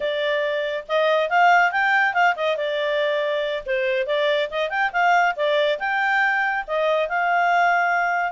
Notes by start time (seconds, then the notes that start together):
0.00 D5
0.88 D#5
1.29 F5
1.71 G5
2.13 F5
2.36 D#5
2.56 D5
3.65 C5
4.06 D5
4.50 D#5
4.69 G5
4.92 F5
5.36 D5
5.79 G5
6.67 D#5
7.08 F5